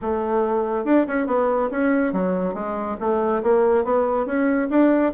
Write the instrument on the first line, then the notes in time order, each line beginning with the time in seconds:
bassoon
0.01 A3
0.85 D4
1.07 C#4
1.27 B3
1.70 C#4
2.12 F#3
2.54 G#3
3.00 A3
3.42 A#3
3.84 B3
4.26 C#4
4.70 D4